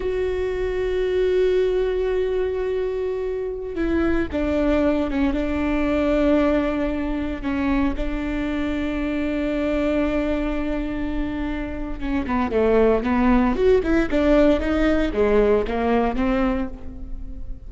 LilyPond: \new Staff \with { instrumentName = "viola" } { \time 4/4 \tempo 4 = 115 fis'1~ | fis'2.~ fis'16 e'8.~ | e'16 d'4. cis'8 d'4.~ d'16~ | d'2~ d'16 cis'4 d'8.~ |
d'1~ | d'2. cis'8 b8 | a4 b4 fis'8 e'8 d'4 | dis'4 gis4 ais4 c'4 | }